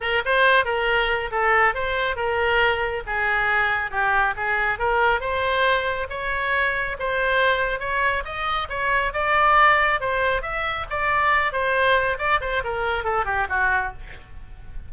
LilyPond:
\new Staff \with { instrumentName = "oboe" } { \time 4/4 \tempo 4 = 138 ais'8 c''4 ais'4. a'4 | c''4 ais'2 gis'4~ | gis'4 g'4 gis'4 ais'4 | c''2 cis''2 |
c''2 cis''4 dis''4 | cis''4 d''2 c''4 | e''4 d''4. c''4. | d''8 c''8 ais'4 a'8 g'8 fis'4 | }